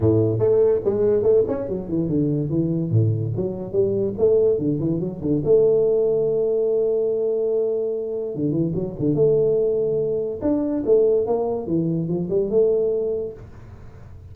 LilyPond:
\new Staff \with { instrumentName = "tuba" } { \time 4/4 \tempo 4 = 144 a,4 a4 gis4 a8 cis'8 | fis8 e8 d4 e4 a,4 | fis4 g4 a4 d8 e8 | fis8 d8 a2.~ |
a1 | d8 e8 fis8 d8 a2~ | a4 d'4 a4 ais4 | e4 f8 g8 a2 | }